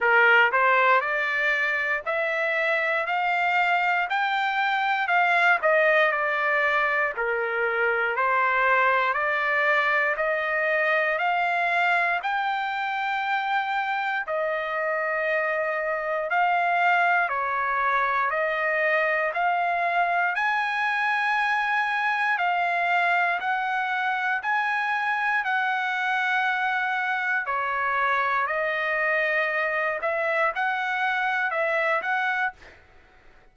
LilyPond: \new Staff \with { instrumentName = "trumpet" } { \time 4/4 \tempo 4 = 59 ais'8 c''8 d''4 e''4 f''4 | g''4 f''8 dis''8 d''4 ais'4 | c''4 d''4 dis''4 f''4 | g''2 dis''2 |
f''4 cis''4 dis''4 f''4 | gis''2 f''4 fis''4 | gis''4 fis''2 cis''4 | dis''4. e''8 fis''4 e''8 fis''8 | }